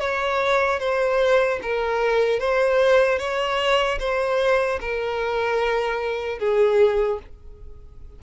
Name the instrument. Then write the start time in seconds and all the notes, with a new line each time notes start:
violin
0.00 C#5
0.80 C5
1.63 A#4
2.40 C5
3.19 C#5
4.00 C5
4.81 A#4
6.39 G#4